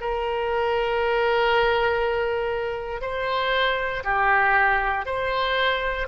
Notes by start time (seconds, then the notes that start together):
0.00 A#4
3.01 C5
4.04 G4
5.05 C5